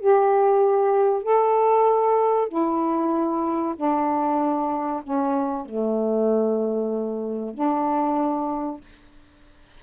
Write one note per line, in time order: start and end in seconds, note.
0.00 1.23 G4
1.23 2.48 A4
2.48 3.75 E4
3.76 5.02 D4
5.03 5.66 C#4
5.66 7.54 A3
7.54 8.80 D4